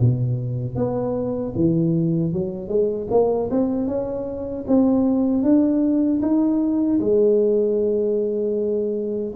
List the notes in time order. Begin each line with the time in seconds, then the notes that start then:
0.00 B2
0.75 B3
1.55 E3
2.32 F#3
2.68 G#3
3.11 A#3
3.51 C4
3.87 C#4
4.68 C4
5.43 D4
6.22 D#4
7.00 G#3